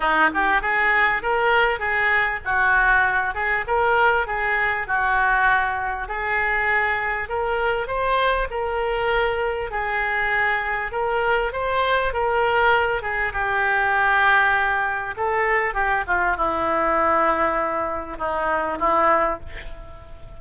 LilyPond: \new Staff \with { instrumentName = "oboe" } { \time 4/4 \tempo 4 = 99 dis'8 g'8 gis'4 ais'4 gis'4 | fis'4. gis'8 ais'4 gis'4 | fis'2 gis'2 | ais'4 c''4 ais'2 |
gis'2 ais'4 c''4 | ais'4. gis'8 g'2~ | g'4 a'4 g'8 f'8 e'4~ | e'2 dis'4 e'4 | }